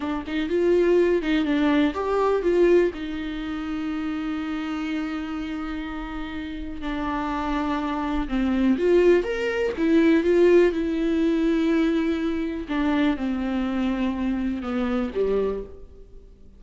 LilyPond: \new Staff \with { instrumentName = "viola" } { \time 4/4 \tempo 4 = 123 d'8 dis'8 f'4. dis'8 d'4 | g'4 f'4 dis'2~ | dis'1~ | dis'2 d'2~ |
d'4 c'4 f'4 ais'4 | e'4 f'4 e'2~ | e'2 d'4 c'4~ | c'2 b4 g4 | }